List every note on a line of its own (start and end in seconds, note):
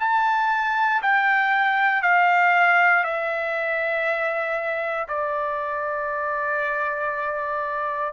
0.00 1.02 A5
1.02 2.02 G5
2.02 3.04 F5
3.04 5.07 E5
5.08 8.13 D5